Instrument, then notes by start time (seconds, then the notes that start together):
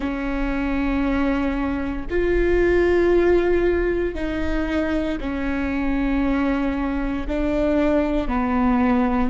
viola
0.00 C#4
2.09 F4
4.14 D#4
5.20 C#4
7.27 D4
8.28 B3